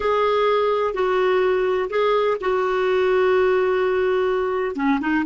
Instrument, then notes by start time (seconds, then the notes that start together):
clarinet
0.00 G#4
0.94 F#4
1.90 G#4
2.40 F#4
4.75 C#4
5.01 D#4